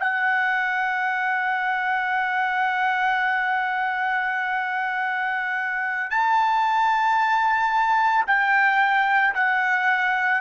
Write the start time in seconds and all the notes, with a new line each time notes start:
0.00 F#5
6.11 A5
8.27 G5
9.35 F#5